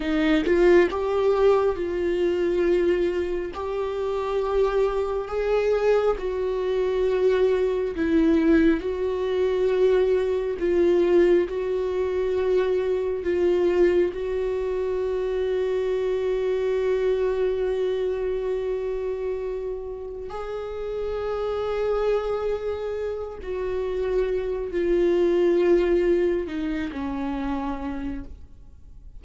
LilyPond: \new Staff \with { instrumentName = "viola" } { \time 4/4 \tempo 4 = 68 dis'8 f'8 g'4 f'2 | g'2 gis'4 fis'4~ | fis'4 e'4 fis'2 | f'4 fis'2 f'4 |
fis'1~ | fis'2. gis'4~ | gis'2~ gis'8 fis'4. | f'2 dis'8 cis'4. | }